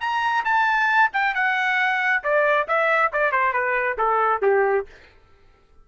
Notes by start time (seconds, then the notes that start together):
0.00 A#5
0.45 A5
1.13 G5
1.35 F#5
2.23 D5
2.68 E5
3.13 D5
3.32 C5
3.53 B4
3.98 A4
4.42 G4